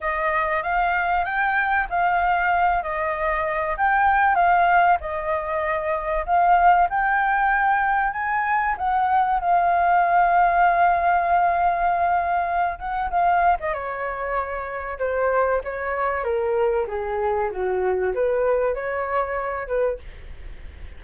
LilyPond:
\new Staff \with { instrumentName = "flute" } { \time 4/4 \tempo 4 = 96 dis''4 f''4 g''4 f''4~ | f''8 dis''4. g''4 f''4 | dis''2 f''4 g''4~ | g''4 gis''4 fis''4 f''4~ |
f''1~ | f''8 fis''8 f''8. dis''16 cis''2 | c''4 cis''4 ais'4 gis'4 | fis'4 b'4 cis''4. b'8 | }